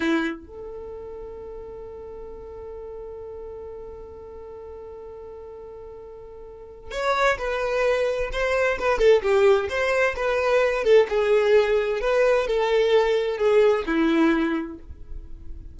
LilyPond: \new Staff \with { instrumentName = "violin" } { \time 4/4 \tempo 4 = 130 e'4 a'2.~ | a'1~ | a'1~ | a'2. cis''4 |
b'2 c''4 b'8 a'8 | g'4 c''4 b'4. a'8 | gis'2 b'4 a'4~ | a'4 gis'4 e'2 | }